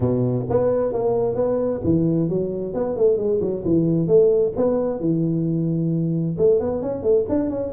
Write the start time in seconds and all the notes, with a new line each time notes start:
0.00 B2
0.49 B3
0.92 A#3
1.35 B3
1.83 E3
2.29 F#3
2.74 B3
2.96 A3
3.17 G#3
3.40 F#3
3.65 E3
4.07 A3
4.56 B3
5.00 E3
6.37 A3
6.60 B3
6.82 C#4
7.02 A3
7.28 D4
7.50 C#4